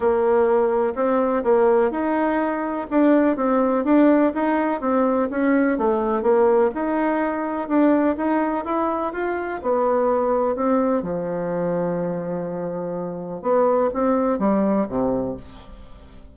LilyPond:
\new Staff \with { instrumentName = "bassoon" } { \time 4/4 \tempo 4 = 125 ais2 c'4 ais4 | dis'2 d'4 c'4 | d'4 dis'4 c'4 cis'4 | a4 ais4 dis'2 |
d'4 dis'4 e'4 f'4 | b2 c'4 f4~ | f1 | b4 c'4 g4 c4 | }